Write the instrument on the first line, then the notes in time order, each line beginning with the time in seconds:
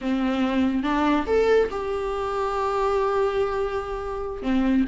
viola
0.01 C4
0.83 D4
1.26 A4
1.71 G4
4.42 C4